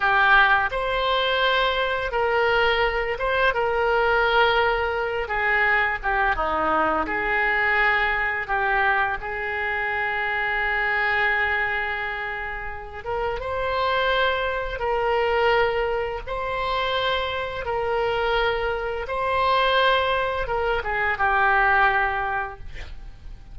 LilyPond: \new Staff \with { instrumentName = "oboe" } { \time 4/4 \tempo 4 = 85 g'4 c''2 ais'4~ | ais'8 c''8 ais'2~ ais'8 gis'8~ | gis'8 g'8 dis'4 gis'2 | g'4 gis'2.~ |
gis'2~ gis'8 ais'8 c''4~ | c''4 ais'2 c''4~ | c''4 ais'2 c''4~ | c''4 ais'8 gis'8 g'2 | }